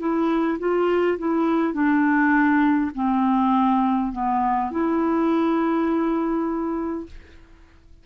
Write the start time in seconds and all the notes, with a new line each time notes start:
0.00 E4
0.59 F4
1.19 E4
1.74 D4
2.95 C4
4.12 B3
4.71 E4